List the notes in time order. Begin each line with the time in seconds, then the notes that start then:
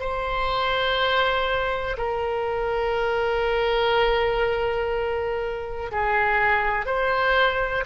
0.00 C5
1.97 A#4
5.91 G#4
6.86 C5